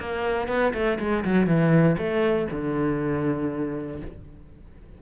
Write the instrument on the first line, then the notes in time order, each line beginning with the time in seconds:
cello
0.00 A#3
0.48 B3
0.74 A3
1.00 G#3
1.25 F#3
1.47 E3
1.98 A3
2.52 D3